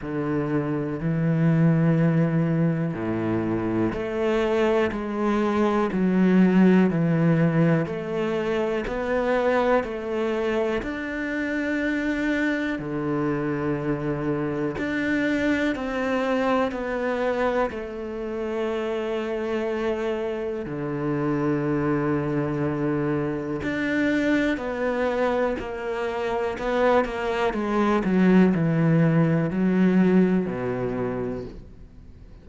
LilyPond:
\new Staff \with { instrumentName = "cello" } { \time 4/4 \tempo 4 = 61 d4 e2 a,4 | a4 gis4 fis4 e4 | a4 b4 a4 d'4~ | d'4 d2 d'4 |
c'4 b4 a2~ | a4 d2. | d'4 b4 ais4 b8 ais8 | gis8 fis8 e4 fis4 b,4 | }